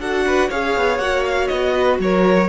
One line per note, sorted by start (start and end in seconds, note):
0.00 0.50 D4
0.00 0.51 F#4
0.00 0.25 A4
0.00 0.50 F#5
0.26 0.49 B4
0.49 0.76 C#4
0.49 1.01 G#4
0.49 1.73 C#5
0.49 0.98 F5
0.76 0.98 B3
0.98 1.48 A#3
0.98 2.49 F#4
0.98 1.23 F#5
1.25 1.48 F5
1.48 1.99 B3
1.48 1.97 D#5
1.73 1.98 B4
1.99 2.48 F#3
1.99 2.49 A#4
1.99 2.49 C#5